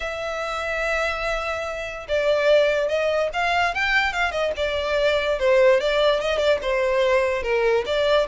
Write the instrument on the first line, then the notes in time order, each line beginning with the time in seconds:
violin
0.00 E5
2.08 D5
2.88 D#5
3.33 F5
3.74 G5
4.13 F5
4.31 D#5
4.56 D5
5.39 C5
5.80 D5
6.20 D#5
6.38 D5
6.62 C5
7.43 A#4
7.86 D5